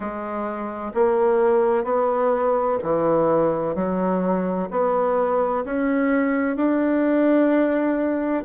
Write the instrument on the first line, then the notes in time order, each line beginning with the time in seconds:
bassoon
0.00 G#3
0.94 A#3
1.84 B3
2.83 E3
3.75 F#3
4.70 B3
5.65 C#4
6.56 D4